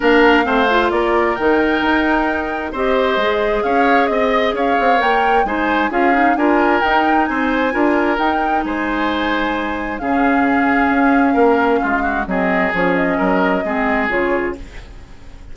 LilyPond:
<<
  \new Staff \with { instrumentName = "flute" } { \time 4/4 \tempo 4 = 132 f''2 d''4 g''4~ | g''2 dis''2 | f''4 dis''4 f''4 g''4 | gis''4 f''4 gis''4 g''4 |
gis''2 g''4 gis''4~ | gis''2 f''2~ | f''2. dis''4 | cis''8 dis''2~ dis''8 cis''4 | }
  \new Staff \with { instrumentName = "oboe" } { \time 4/4 ais'4 c''4 ais'2~ | ais'2 c''2 | cis''4 dis''4 cis''2 | c''4 gis'4 ais'2 |
c''4 ais'2 c''4~ | c''2 gis'2~ | gis'4 ais'4 f'8 fis'8 gis'4~ | gis'4 ais'4 gis'2 | }
  \new Staff \with { instrumentName = "clarinet" } { \time 4/4 d'4 c'8 f'4. dis'4~ | dis'2 g'4 gis'4~ | gis'2. ais'4 | dis'4 f'8 dis'8 f'4 dis'4~ |
dis'4 f'4 dis'2~ | dis'2 cis'2~ | cis'2. c'4 | cis'2 c'4 f'4 | }
  \new Staff \with { instrumentName = "bassoon" } { \time 4/4 ais4 a4 ais4 dis4 | dis'2 c'4 gis4 | cis'4 c'4 cis'8 c'8 ais4 | gis4 cis'4 d'4 dis'4 |
c'4 d'4 dis'4 gis4~ | gis2 cis2 | cis'4 ais4 gis4 fis4 | f4 fis4 gis4 cis4 | }
>>